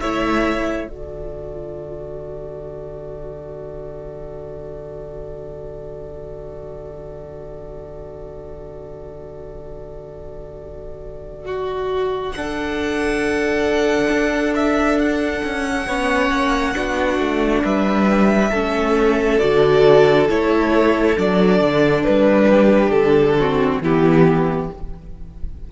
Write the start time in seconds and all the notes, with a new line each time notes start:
0.00 A3 E4 C#5 E5
0.87 D3 F#4 A4 D5
11.45 F#4
12.32 D4 A4 F#5
14.09 D4
14.55 E5
14.99 F#5
15.44 C#4
15.86 B3 C#4 C#5
16.31 A#3
16.75 B3 D4 F#4
17.19 A3
17.63 G3 B4 E5
18.50 A3 C#4 A4
19.38 D3 F#4 D5
20.29 A3 E4 C#5
21.17 F#3 D4 D5
21.60 D3
22.04 G3 B4
22.48 G4
22.90 D3 A4
23.38 C4 F#4
23.81 E3 B3 E4 G4